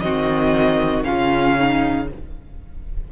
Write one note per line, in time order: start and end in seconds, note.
0.00 1.05 D#3
0.00 1.03 C4
0.00 1.06 F#4
0.00 1.03 D#5
1.03 2.12 C#3
1.03 2.06 C#4
1.03 1.58 F4
1.03 2.07 F5
1.58 2.09 D#4